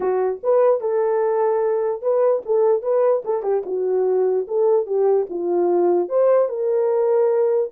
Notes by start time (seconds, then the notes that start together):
0.00 F#4
0.43 B4
0.80 A4
2.01 B4
2.45 A4
2.82 B4
3.25 A4
3.43 G4
3.65 F#4
4.47 A4
4.86 G4
5.29 F4
6.08 C5
6.48 A#4